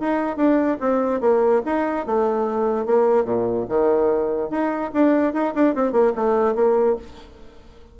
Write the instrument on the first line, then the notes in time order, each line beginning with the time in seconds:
bassoon
0.00 D#4
0.37 D4
0.80 C4
1.21 A#3
1.65 D#4
2.06 A3
2.86 A#3
3.25 A#2
3.69 D#3
4.50 D#4
4.93 D4
5.33 D#4
5.55 D4
5.75 C4
5.92 A#3
6.16 A3
6.55 A#3